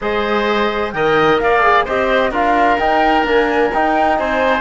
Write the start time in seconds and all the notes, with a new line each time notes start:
0.01 G#3 G#4 C5 D#5
0.92 D#3 A#4 D#5 G5
1.39 A#3 D5 F5
1.63 G#4
1.84 C4 G4 C5 D#5
2.30 D4 F4 A#4 F5
2.78 D#4 G5
3.23 A#3 D4 G#5
3.73 D#4 G5
4.18 C4 C5 G#5